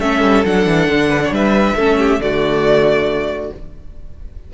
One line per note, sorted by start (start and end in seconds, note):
0.00 0.22 A3
0.00 0.46 C#4
0.00 1.10 A4
0.00 0.44 E5
0.22 0.44 G3
0.44 0.66 F#3
0.44 1.78 D4
0.44 1.34 F#5
0.66 0.88 E3
0.88 1.31 D3
1.10 1.21 B4
1.25 1.34 C#5
1.31 1.75 G3
1.31 1.76 B4
1.31 2.21 E5
1.76 2.19 A3
1.76 2.21 C#4
1.76 1.98 A4
1.99 2.21 G4
2.19 3.51 D3
2.19 3.52 A3
2.19 3.54 F#4
2.19 3.53 D5